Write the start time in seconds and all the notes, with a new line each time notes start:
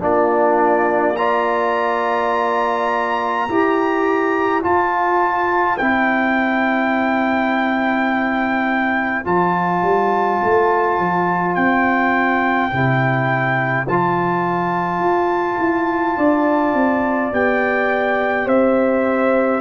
0.00 A#3 D4 F4 D5
1.17 F4 D5 A#5
3.49 E4 G4 C5
4.62 F4 A5
5.78 C4 E4 G5
9.25 F3 F4 A5
9.82 G3
10.44 A3
10.99 F3
11.55 C4 G5
12.71 C3 E4
13.88 F3 F4 A5
15.00 F4
15.59 E4
16.18 D4 D5
16.74 C4
17.33 B3 G4 G5
18.46 C4 C5 E5